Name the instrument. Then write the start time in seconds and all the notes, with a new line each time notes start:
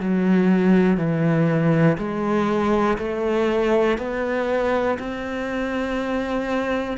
cello
0.00 F#3
0.97 E3
1.98 G#3
2.98 A3
3.98 B3
4.99 C4